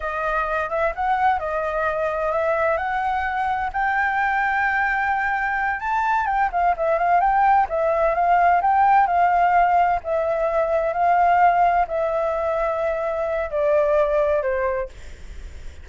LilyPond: \new Staff \with { instrumentName = "flute" } { \time 4/4 \tempo 4 = 129 dis''4. e''8 fis''4 dis''4~ | dis''4 e''4 fis''2 | g''1~ | g''8 a''4 g''8 f''8 e''8 f''8 g''8~ |
g''8 e''4 f''4 g''4 f''8~ | f''4. e''2 f''8~ | f''4. e''2~ e''8~ | e''4 d''2 c''4 | }